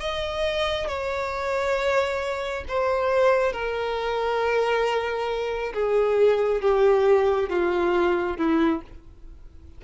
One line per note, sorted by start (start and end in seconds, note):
0.00 0.88 D#5
0.88 2.65 C#5
2.68 3.53 C5
3.53 5.73 A#4
5.74 6.61 G#4
6.61 7.50 G4
7.50 8.37 F4
8.37 8.82 E4